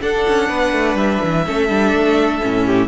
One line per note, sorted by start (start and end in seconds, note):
0.00 1.44 D4
0.00 0.26 D4
0.00 0.49 A4
0.00 0.97 F#5
0.27 0.49 C#4
0.49 0.72 B3
0.49 1.45 B4
0.72 0.94 A3
0.94 1.18 G3
0.94 2.87 E5
1.23 1.47 E3
1.46 1.69 A3
1.46 1.69 C#4
1.46 2.65 A4
1.69 1.92 G3
1.69 2.41 D4
1.92 2.40 A3
2.42 2.87 A2
2.42 2.87 C#4
2.65 2.87 G4